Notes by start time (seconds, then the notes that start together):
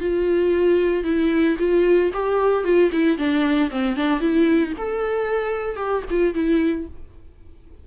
0.00 F4
1.04 E4
1.58 F4
2.13 G4
2.64 F4
2.91 E4
3.17 D4
3.71 C4
3.96 D4
4.20 E4
4.78 A4
5.76 G4
6.10 F4
6.34 E4